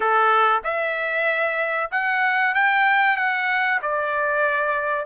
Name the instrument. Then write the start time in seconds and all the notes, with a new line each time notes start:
trumpet
0.00 A4
0.64 E5
1.91 F#5
2.54 G5
3.16 F#5
3.82 D5